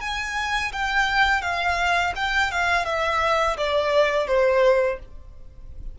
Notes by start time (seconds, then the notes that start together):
0.00 G#5
0.72 G5
1.41 F5
2.15 G5
2.51 F5
2.85 E5
3.57 D5
4.27 C5